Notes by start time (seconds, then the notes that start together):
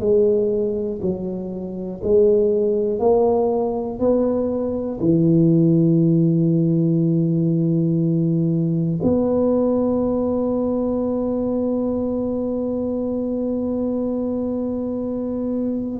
0.00 G#3
1.01 F#3
2.03 G#3
2.99 A#3
3.99 B3
5.00 E3
9.02 B3